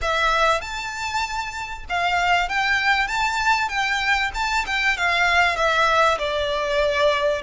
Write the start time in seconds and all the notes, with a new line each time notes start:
0.01 E5
0.61 A5
1.89 F5
2.49 G5
3.07 A5
3.68 G5
4.34 A5
4.66 G5
4.97 F5
5.56 E5
6.18 D5